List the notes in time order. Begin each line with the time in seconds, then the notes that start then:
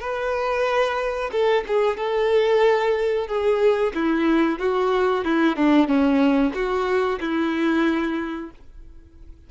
0.00 B4
1.32 A4
1.67 G#4
1.97 A4
3.27 G#4
3.95 E4
4.59 F#4
5.24 E4
5.56 D4
5.88 C#4
6.54 F#4
7.20 E4